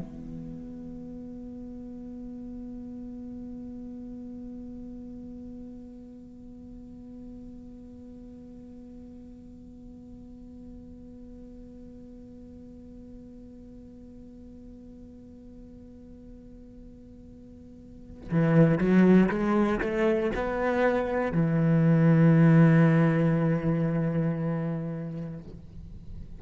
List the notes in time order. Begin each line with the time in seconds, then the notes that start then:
0.00 B3
18.31 E3
18.79 F#3
19.29 G#3
19.81 A3
20.35 B3
21.32 E3